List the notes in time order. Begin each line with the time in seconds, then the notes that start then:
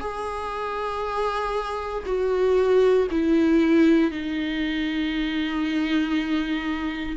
0.00 G#4
2.05 F#4
3.11 E4
4.11 D#4